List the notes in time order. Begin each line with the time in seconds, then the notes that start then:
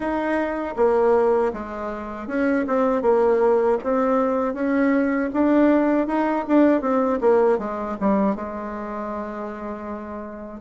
0.00 D#4
0.76 A#3
1.53 G#3
2.28 C#4
2.67 C4
3.02 A#3
3.83 C4
4.54 C#4
5.33 D4
6.07 D#4
6.47 D4
6.81 C4
7.20 A#3
7.58 G#3
8.00 G3
8.35 G#3